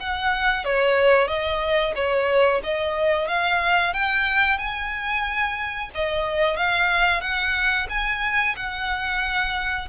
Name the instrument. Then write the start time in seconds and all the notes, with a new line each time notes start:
violin
0.00 F#5
0.65 C#5
1.28 D#5
1.96 C#5
2.64 D#5
3.28 F5
3.94 G5
4.59 G#5
5.95 D#5
6.57 F5
7.21 F#5
7.90 G#5
8.57 F#5